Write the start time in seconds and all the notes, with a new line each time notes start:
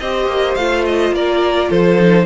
0.00 C4 G4 C5 D#5
0.27 A#3
0.56 A3 F4 F5
0.86 D#5
1.12 A#3 A#4 D5
1.70 F3 A4 C5
1.99 D#4